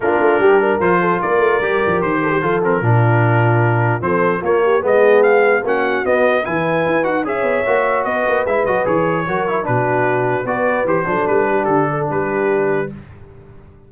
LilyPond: <<
  \new Staff \with { instrumentName = "trumpet" } { \time 4/4 \tempo 4 = 149 ais'2 c''4 d''4~ | d''4 c''4. ais'4.~ | ais'2 c''4 cis''4 | dis''4 f''4 fis''4 dis''4 |
gis''4. fis''8 e''2 | dis''4 e''8 dis''8 cis''2 | b'2 d''4 c''4 | b'4 a'4 b'2 | }
  \new Staff \with { instrumentName = "horn" } { \time 4/4 f'4 g'8 ais'4 a'8 ais'4~ | ais'4. a'16 g'16 a'4 f'4~ | f'2 a'4 f'8 g'8 | gis'2 fis'2 |
b'2 cis''2 | b'2. ais'4 | fis'2 b'4. a'8~ | a'8 g'4 a'8 g'2 | }
  \new Staff \with { instrumentName = "trombone" } { \time 4/4 d'2 f'2 | g'2 f'8 c'8 d'4~ | d'2 c'4 ais4 | b2 cis'4 b4 |
e'4. fis'8 gis'4 fis'4~ | fis'4 e'8 fis'8 gis'4 fis'8 e'8 | d'2 fis'4 g'8 d'8~ | d'1 | }
  \new Staff \with { instrumentName = "tuba" } { \time 4/4 ais8 a8 g4 f4 ais8 a8 | g8 f8 dis4 f4 ais,4~ | ais,2 f4 ais4 | gis2 ais4 b4 |
e4 e'8 dis'8 cis'8 b8 ais4 | b8 ais8 gis8 fis8 e4 fis4 | b,2 b4 e8 fis8 | g4 d4 g2 | }
>>